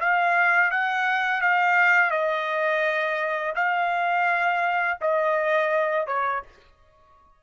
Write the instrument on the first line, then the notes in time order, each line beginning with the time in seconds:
trumpet
0.00 F5
0.71 F#5
1.42 F5
2.11 D#5
3.56 F5
5.01 D#5
6.07 C#5